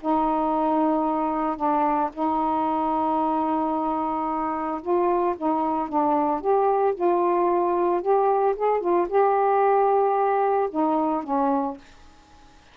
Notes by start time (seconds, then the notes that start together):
0.00 D#4
1.56 D4
2.13 D#4
4.81 F4
5.37 D#4
5.89 D4
6.41 G4
6.94 F4
8.01 G4
8.56 G#4
8.80 F4
9.08 G4
10.70 D#4
11.23 C#4